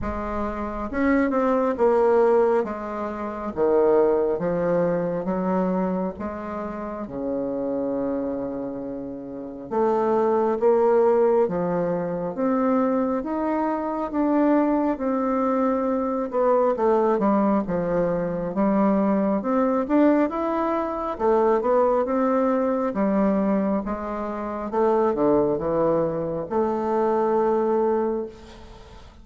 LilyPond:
\new Staff \with { instrumentName = "bassoon" } { \time 4/4 \tempo 4 = 68 gis4 cis'8 c'8 ais4 gis4 | dis4 f4 fis4 gis4 | cis2. a4 | ais4 f4 c'4 dis'4 |
d'4 c'4. b8 a8 g8 | f4 g4 c'8 d'8 e'4 | a8 b8 c'4 g4 gis4 | a8 d8 e4 a2 | }